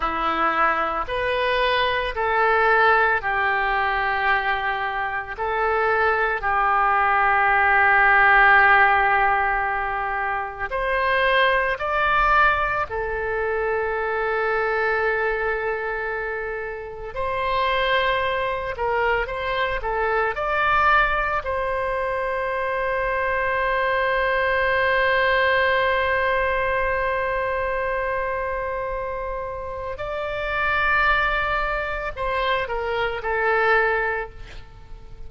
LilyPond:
\new Staff \with { instrumentName = "oboe" } { \time 4/4 \tempo 4 = 56 e'4 b'4 a'4 g'4~ | g'4 a'4 g'2~ | g'2 c''4 d''4 | a'1 |
c''4. ais'8 c''8 a'8 d''4 | c''1~ | c''1 | d''2 c''8 ais'8 a'4 | }